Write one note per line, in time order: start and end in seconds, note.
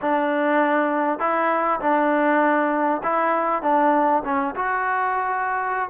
0.01 1.19 D4
1.19 1.79 E4
1.80 3.01 D4
3.03 3.62 E4
3.62 4.23 D4
4.24 4.55 C#4
4.55 5.89 F#4